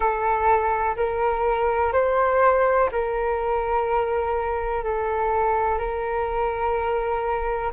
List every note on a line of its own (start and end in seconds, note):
0.00 0.95 A4
0.96 1.92 A#4
1.92 2.89 C5
2.91 4.83 A#4
4.83 5.78 A4
5.78 7.72 A#4